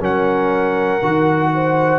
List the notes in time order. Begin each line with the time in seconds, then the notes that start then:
0.00 F#3 C#4 A#4 F#5
1.02 D#3 F#4
1.54 C5